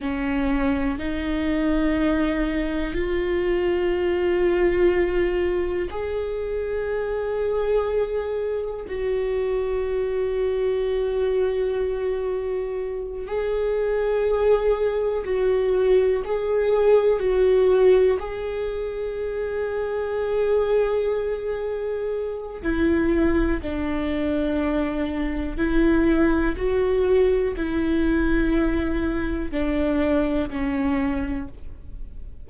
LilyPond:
\new Staff \with { instrumentName = "viola" } { \time 4/4 \tempo 4 = 61 cis'4 dis'2 f'4~ | f'2 gis'2~ | gis'4 fis'2.~ | fis'4. gis'2 fis'8~ |
fis'8 gis'4 fis'4 gis'4.~ | gis'2. e'4 | d'2 e'4 fis'4 | e'2 d'4 cis'4 | }